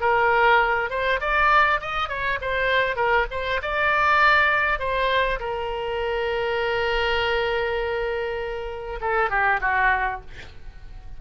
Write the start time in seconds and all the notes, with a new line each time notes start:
0.00 A#4
0.89 C5
1.20 D5
1.80 D#5
2.08 C#5
2.41 C5
2.96 A#4
3.30 C5
3.62 D5
4.79 C5
5.39 A#4
9.01 A4
9.30 G4
9.60 F#4